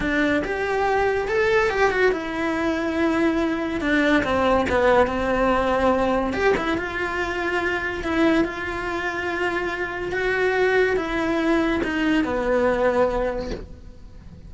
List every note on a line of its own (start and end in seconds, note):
0.00 0.42 D4
0.44 1.28 G4
1.28 1.70 A4
1.70 1.90 G4
1.90 2.11 F#4
2.11 3.80 E4
3.80 4.23 D4
4.23 4.66 C4
4.69 5.06 B3
5.06 6.33 C4
6.33 6.54 G4
6.57 6.77 E4
6.77 8.04 F4
8.04 8.44 E4
8.44 10.12 F4
10.12 10.96 F#4
10.96 11.81 E4
11.83 12.23 D#4
12.23 13.50 B3